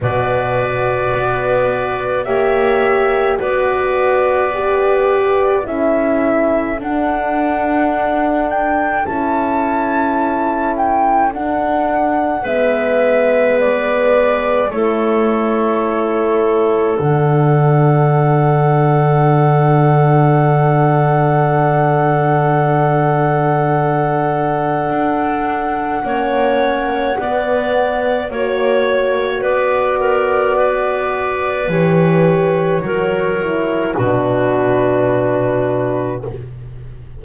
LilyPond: <<
  \new Staff \with { instrumentName = "flute" } { \time 4/4 \tempo 4 = 53 d''2 e''4 d''4~ | d''4 e''4 fis''4. g''8 | a''4. g''8 fis''4 e''4 | d''4 cis''2 fis''4~ |
fis''1~ | fis''1~ | fis''4 cis''4 d''2 | cis''2 b'2 | }
  \new Staff \with { instrumentName = "clarinet" } { \time 4/4 b'2 cis''4 b'4~ | b'4 a'2.~ | a'2. b'4~ | b'4 a'2.~ |
a'1~ | a'2. cis''4 | d''4 cis''4 b'8 ais'8 b'4~ | b'4 ais'4 fis'2 | }
  \new Staff \with { instrumentName = "horn" } { \time 4/4 fis'2 g'4 fis'4 | g'4 e'4 d'2 | e'2 d'4 b4~ | b4 e'2 d'4~ |
d'1~ | d'2. cis'4 | b4 fis'2. | g'4 fis'8 e'8 d'2 | }
  \new Staff \with { instrumentName = "double bass" } { \time 4/4 b,4 b4 ais4 b4~ | b4 cis'4 d'2 | cis'2 d'4 gis4~ | gis4 a2 d4~ |
d1~ | d2 d'4 ais4 | b4 ais4 b2 | e4 fis4 b,2 | }
>>